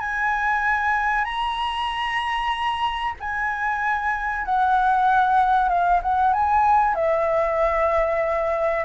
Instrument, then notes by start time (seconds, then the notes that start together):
flute
0.00 G#5
1.25 A#5
3.20 G#5
4.45 F#5
5.69 F5
6.03 F#5
6.34 G#5
6.95 E5